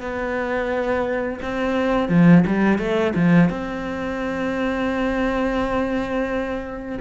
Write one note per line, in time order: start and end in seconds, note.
0.00 1.40 B3
1.42 2.09 C4
2.09 2.44 F3
2.47 2.78 G3
2.78 3.13 A3
3.15 3.49 F3
3.49 6.98 C4